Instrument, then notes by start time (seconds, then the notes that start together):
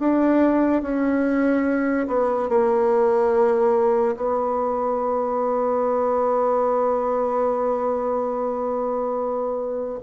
bassoon
0.00 D4
0.83 C#4
2.08 B3
2.50 A#3
4.17 B3